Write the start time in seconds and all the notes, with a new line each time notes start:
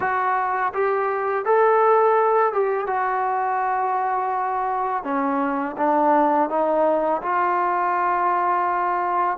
0.00 F#4
0.73 G4
1.45 A4
2.53 G4
2.87 F#4
5.03 C#4
5.77 D4
6.49 D#4
7.22 F4